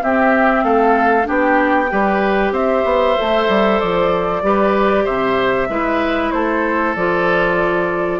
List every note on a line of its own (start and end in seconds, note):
0.00 1.23 C4
0.00 0.64 C4
0.00 0.64 G4
0.00 0.64 E5
0.64 1.27 A3
0.64 1.27 A4
0.64 1.27 F5
1.23 1.92 B3
1.23 1.86 D4
1.23 1.91 G4
1.23 2.54 G5
1.90 2.51 G3
1.90 3.17 G4
1.90 2.53 B4
2.51 2.83 C4
2.51 4.42 C5
2.51 3.80 E5
2.85 3.16 B3
3.17 3.49 A3
3.17 4.42 A4
3.49 3.80 G3
3.80 4.43 F3
3.80 5.06 D5
4.42 5.06 G3
4.42 5.69 G4
4.42 5.04 B4
5.04 5.69 C3
5.04 5.67 C5
5.04 6.31 E5
5.69 6.32 G#3
5.69 6.96 E4
5.69 6.33 B4
6.31 6.96 A3
6.31 8.20 A4
6.31 6.94 C5
6.95 8.20 F3
6.95 8.20 F4
6.95 8.20 D5